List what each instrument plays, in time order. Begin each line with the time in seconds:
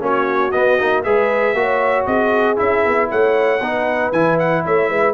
0.00 tuba A#3, trombone C#4, horn F#4, trumpet C#5
0.51 trombone B3, tuba B3, trumpet D#5
0.78 tuba A#3, trombone D#4
1.03 tuba G#3, trombone G#4, horn B4, trumpet E5
1.54 tuba A#3, trombone F#4, horn C#5
2.06 tuba C4, horn G#4, trumpet D#5
2.56 tuba C#4, trombone E4, trumpet E5
2.85 tuba B3
3.10 tuba A3, horn C#5, trumpet F#5
3.60 tuba B3, trombone D#4, horn B4
4.12 tuba E3, trombone E4, trumpet G#5
4.39 trumpet F#5
4.65 tuba A3, horn C#5, trumpet E5
4.89 tuba G#3, horn B4